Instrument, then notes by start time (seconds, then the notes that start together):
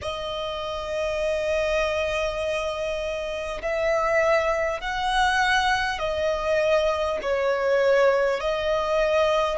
violin
0.01 D#5
3.62 E5
4.81 F#5
5.98 D#5
7.22 C#5
8.40 D#5